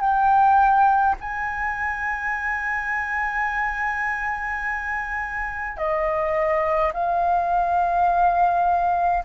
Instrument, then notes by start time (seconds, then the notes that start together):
flute
0.00 G5
1.20 G#5
5.77 D#5
6.93 F5